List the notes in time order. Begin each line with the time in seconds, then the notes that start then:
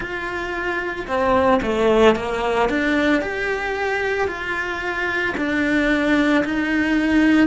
0.00 F4
1.07 C4
1.62 A3
2.15 A#3
2.69 D4
3.21 G4
4.27 F4
5.37 D4
6.44 D#4